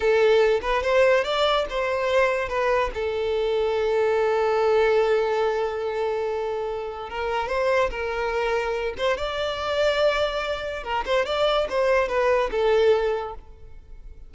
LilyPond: \new Staff \with { instrumentName = "violin" } { \time 4/4 \tempo 4 = 144 a'4. b'8 c''4 d''4 | c''2 b'4 a'4~ | a'1~ | a'1~ |
a'4 ais'4 c''4 ais'4~ | ais'4. c''8 d''2~ | d''2 ais'8 c''8 d''4 | c''4 b'4 a'2 | }